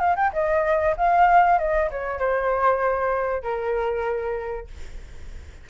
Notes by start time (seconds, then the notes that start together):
0.00 F5
0.16 G5
0.34 D#5
0.97 F5
1.59 D#5
1.91 C#5
2.19 C5
3.43 A#4